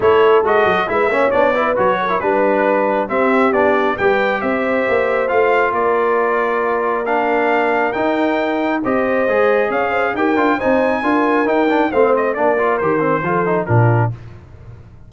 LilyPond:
<<
  \new Staff \with { instrumentName = "trumpet" } { \time 4/4 \tempo 4 = 136 cis''4 dis''4 e''4 d''4 | cis''4 b'2 e''4 | d''4 g''4 e''2 | f''4 d''2. |
f''2 g''2 | dis''2 f''4 g''4 | gis''2 g''4 f''8 dis''8 | d''4 c''2 ais'4 | }
  \new Staff \with { instrumentName = "horn" } { \time 4/4 a'2 b'8 cis''4 b'8~ | b'8 ais'8 b'2 g'4~ | g'4 b'4 c''2~ | c''4 ais'2.~ |
ais'1 | c''2 cis''8 c''8 ais'4 | c''4 ais'2 c''4 | ais'2 a'4 f'4 | }
  \new Staff \with { instrumentName = "trombone" } { \time 4/4 e'4 fis'4 e'8 cis'8 d'8 e'8 | fis'8. e'16 d'2 c'4 | d'4 g'2. | f'1 |
d'2 dis'2 | g'4 gis'2 g'8 f'8 | dis'4 f'4 dis'8 d'8 c'4 | d'8 f'8 g'8 c'8 f'8 dis'8 d'4 | }
  \new Staff \with { instrumentName = "tuba" } { \time 4/4 a4 gis8 fis8 gis8 ais8 b4 | fis4 g2 c'4 | b4 g4 c'4 ais4 | a4 ais2.~ |
ais2 dis'2 | c'4 gis4 cis'4 dis'8 d'8 | c'4 d'4 dis'4 a4 | ais4 dis4 f4 ais,4 | }
>>